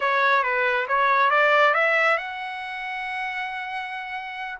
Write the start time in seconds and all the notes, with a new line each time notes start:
0.00 C#5
0.43 B4
0.88 C#5
1.30 D5
1.73 E5
2.17 F#5